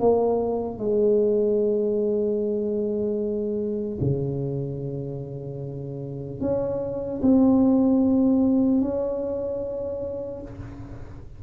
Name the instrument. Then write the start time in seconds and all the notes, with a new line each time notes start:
tuba
0.00 A#3
0.79 G#3
4.00 C#3
6.41 C#4
7.22 C4
8.81 C#4